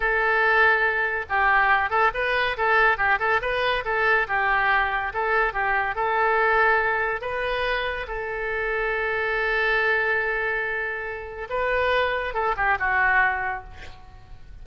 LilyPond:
\new Staff \with { instrumentName = "oboe" } { \time 4/4 \tempo 4 = 141 a'2. g'4~ | g'8 a'8 b'4 a'4 g'8 a'8 | b'4 a'4 g'2 | a'4 g'4 a'2~ |
a'4 b'2 a'4~ | a'1~ | a'2. b'4~ | b'4 a'8 g'8 fis'2 | }